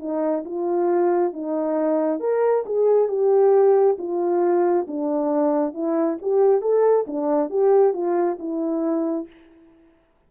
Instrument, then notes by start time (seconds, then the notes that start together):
horn
0.00 D#4
0.45 F4
1.33 D#4
2.20 A#4
2.66 G#4
3.09 G4
3.99 F4
4.88 D4
5.74 E4
6.22 G4
6.62 A4
7.07 D4
7.50 G4
7.94 F4
8.39 E4